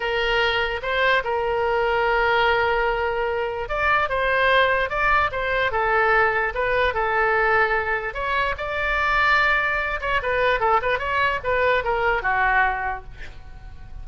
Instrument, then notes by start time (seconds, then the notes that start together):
oboe
0.00 A#4
0.82 C5
1.24 A#4
3.68 D5
4.09 C5
4.89 D5
5.31 C5
5.71 A4
6.54 B4
6.94 A4
8.14 C#5
8.57 D5
10.00 C#5
10.22 B4
10.60 A4
10.82 B4
10.98 C#5
11.43 B4
11.84 A#4
12.22 F#4